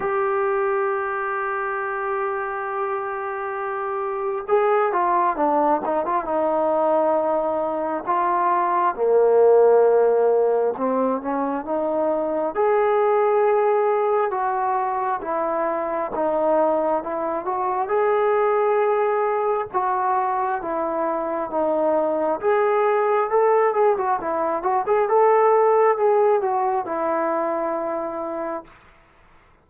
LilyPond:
\new Staff \with { instrumentName = "trombone" } { \time 4/4 \tempo 4 = 67 g'1~ | g'4 gis'8 f'8 d'8 dis'16 f'16 dis'4~ | dis'4 f'4 ais2 | c'8 cis'8 dis'4 gis'2 |
fis'4 e'4 dis'4 e'8 fis'8 | gis'2 fis'4 e'4 | dis'4 gis'4 a'8 gis'16 fis'16 e'8 fis'16 gis'16 | a'4 gis'8 fis'8 e'2 | }